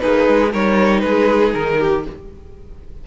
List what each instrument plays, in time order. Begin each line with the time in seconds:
0.00 cello A#3, violin D#4 B4, viola G#4
0.28 cello G#3
0.51 cello G3, viola D#4, violin A#4 C#5
1.00 cello G#3, violin G#4 B4
1.54 cello D#3, violin A#4
1.79 violin G4